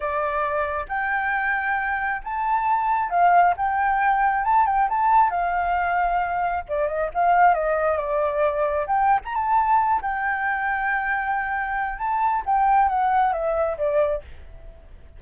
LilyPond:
\new Staff \with { instrumentName = "flute" } { \time 4/4 \tempo 4 = 135 d''2 g''2~ | g''4 a''2 f''4 | g''2 a''8 g''8 a''4 | f''2. d''8 dis''8 |
f''4 dis''4 d''2 | g''8. ais''16 a''4. g''4.~ | g''2. a''4 | g''4 fis''4 e''4 d''4 | }